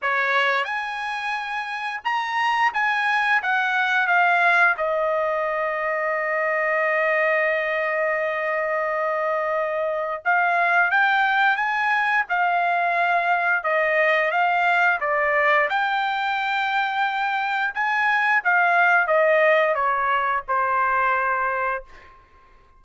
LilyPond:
\new Staff \with { instrumentName = "trumpet" } { \time 4/4 \tempo 4 = 88 cis''4 gis''2 ais''4 | gis''4 fis''4 f''4 dis''4~ | dis''1~ | dis''2. f''4 |
g''4 gis''4 f''2 | dis''4 f''4 d''4 g''4~ | g''2 gis''4 f''4 | dis''4 cis''4 c''2 | }